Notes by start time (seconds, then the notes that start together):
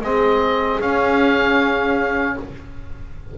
0.00 G#3 C4 G#4 D#5
0.80 C#4 F5